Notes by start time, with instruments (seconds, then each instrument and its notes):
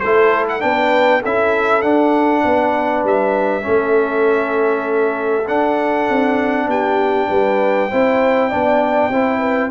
0.00 tuba A3, trombone E4, horn A4, trumpet C5
0.49 trumpet F#5
0.60 tuba B3, trombone D4, horn B4, trumpet G5
1.21 tuba C#4, trombone E4, horn A4, trumpet E5
1.82 trombone D4, tuba D4, trumpet F#5
2.45 tuba B3, horn B4
3.04 tuba G3, trumpet E5
3.61 tuba A3, trombone C#4, horn A4
5.48 tuba D4, trombone D4, trumpet F#5
6.10 tuba C4
6.67 tuba B3, horn G4, trumpet G5
7.29 tuba G3, horn B4
7.90 tuba C4, trombone E4, horn C5
8.49 tuba B3, trombone D4, horn D5
9.10 tuba C4, trombone E4, horn C5
9.39 horn B4